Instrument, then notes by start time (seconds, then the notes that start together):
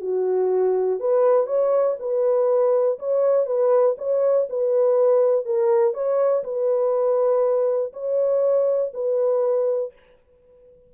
horn
0.00 F#4
0.99 B4
1.46 C#5
1.99 B4
2.99 C#5
3.46 B4
3.98 C#5
4.49 B4
5.45 A#4
5.93 C#5
6.43 B4
7.92 C#5
8.93 B4